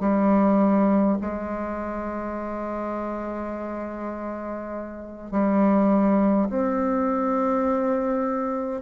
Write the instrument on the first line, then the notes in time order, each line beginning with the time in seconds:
bassoon
0.00 G3
1.21 G#3
5.31 G3
6.49 C4